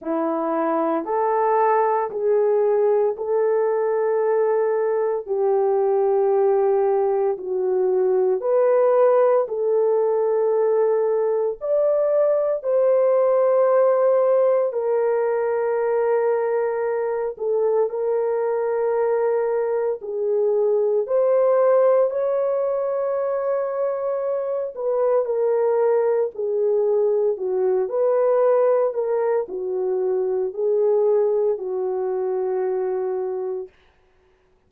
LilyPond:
\new Staff \with { instrumentName = "horn" } { \time 4/4 \tempo 4 = 57 e'4 a'4 gis'4 a'4~ | a'4 g'2 fis'4 | b'4 a'2 d''4 | c''2 ais'2~ |
ais'8 a'8 ais'2 gis'4 | c''4 cis''2~ cis''8 b'8 | ais'4 gis'4 fis'8 b'4 ais'8 | fis'4 gis'4 fis'2 | }